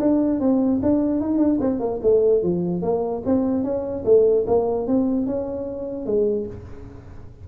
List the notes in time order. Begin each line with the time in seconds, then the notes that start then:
0.00 D4
0.40 C4
0.83 D4
1.21 D#4
1.39 D4
1.61 C4
1.80 A#3
2.03 A3
2.43 F3
2.82 A#3
3.26 C4
3.64 C#4
4.05 A3
4.47 A#3
4.88 C4
5.27 C#4
6.06 G#3